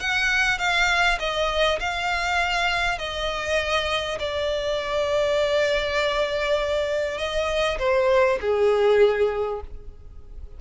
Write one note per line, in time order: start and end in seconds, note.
0.00 0.58 F#5
0.58 1.18 F5
1.19 1.79 D#5
1.80 2.98 F5
2.98 4.18 D#5
4.19 7.18 D5
7.18 7.78 D#5
7.79 8.39 C5
8.41 9.61 G#4